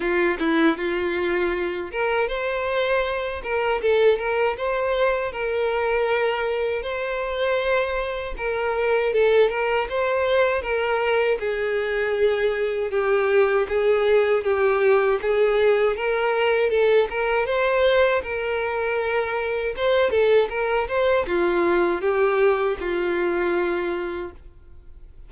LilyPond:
\new Staff \with { instrumentName = "violin" } { \time 4/4 \tempo 4 = 79 f'8 e'8 f'4. ais'8 c''4~ | c''8 ais'8 a'8 ais'8 c''4 ais'4~ | ais'4 c''2 ais'4 | a'8 ais'8 c''4 ais'4 gis'4~ |
gis'4 g'4 gis'4 g'4 | gis'4 ais'4 a'8 ais'8 c''4 | ais'2 c''8 a'8 ais'8 c''8 | f'4 g'4 f'2 | }